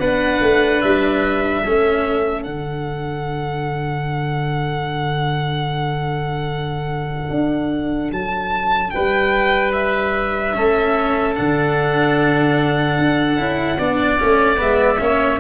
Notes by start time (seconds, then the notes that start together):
0.00 B3 D4 B4 F#5
0.41 A3
0.82 G3 E5
1.62 A3 C#4 A4
2.43 D3 D4 F#5
7.30 D4
8.11 F#3 A5
8.90 G3 B4 G5
9.73 E5
10.55 A3 C#4 A4
11.35 D3 D4 F#5
12.98 D4
13.37 C#4 E4
13.79 B3 D4 D5
14.19 A3 C#4
14.57 G#3 B3 E5
14.99 A#3 C#4 C#5